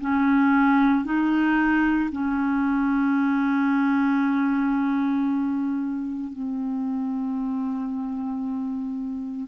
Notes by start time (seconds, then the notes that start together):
0.00 C#4
1.04 D#4
2.11 C#4
6.32 C4